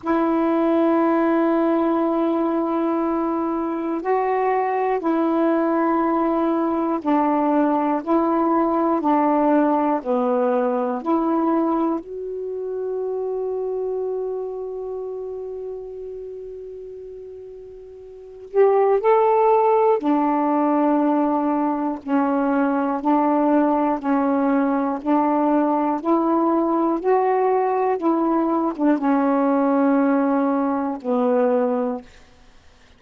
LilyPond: \new Staff \with { instrumentName = "saxophone" } { \time 4/4 \tempo 4 = 60 e'1 | fis'4 e'2 d'4 | e'4 d'4 b4 e'4 | fis'1~ |
fis'2~ fis'8 g'8 a'4 | d'2 cis'4 d'4 | cis'4 d'4 e'4 fis'4 | e'8. d'16 cis'2 b4 | }